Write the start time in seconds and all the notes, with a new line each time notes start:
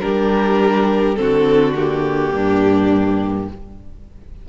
0.00 G3 D4 G4 A#4
1.15 D3 C4 F#4 A4
1.75 A#3 G4
2.32 G2 D4